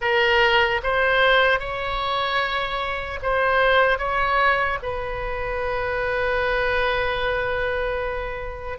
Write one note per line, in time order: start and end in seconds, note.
0.01 0.81 A#4
0.83 1.59 C5
1.59 3.19 C#5
3.22 3.98 C5
3.98 4.78 C#5
4.82 8.78 B4